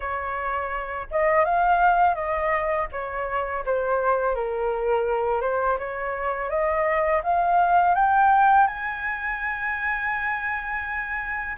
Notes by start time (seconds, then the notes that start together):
0.00 C#5
1.10 D#5
1.45 F5
2.15 D#5
2.92 C#5
3.65 C5
4.35 A#4
5.41 C5
5.78 C#5
6.49 D#5
7.23 F5
7.95 G5
8.67 G#5